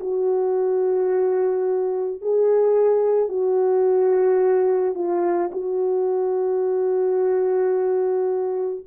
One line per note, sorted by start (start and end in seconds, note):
0.00 2.21 F#4
2.21 3.29 G#4
3.29 4.95 F#4
4.95 5.51 F4
5.52 8.85 F#4